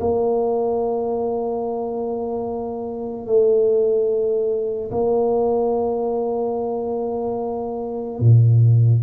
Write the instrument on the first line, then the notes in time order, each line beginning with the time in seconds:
tuba
0.00 A#3
3.26 A3
4.91 A#3
8.20 A#2